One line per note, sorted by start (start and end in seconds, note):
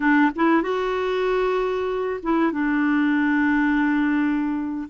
0.00 0.30 D4
0.35 0.62 E4
0.62 2.20 F#4
2.22 2.51 E4
2.51 4.88 D4